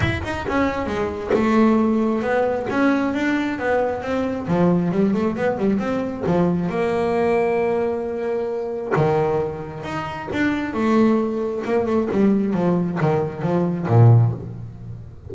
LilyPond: \new Staff \with { instrumentName = "double bass" } { \time 4/4 \tempo 4 = 134 e'8 dis'8 cis'4 gis4 a4~ | a4 b4 cis'4 d'4 | b4 c'4 f4 g8 a8 | b8 g8 c'4 f4 ais4~ |
ais1 | dis2 dis'4 d'4 | a2 ais8 a8 g4 | f4 dis4 f4 ais,4 | }